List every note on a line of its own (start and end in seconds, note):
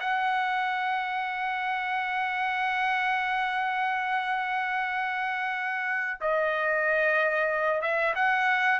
0.00 6.20 F#5
6.21 7.81 D#5
7.81 8.14 E5
8.15 8.80 F#5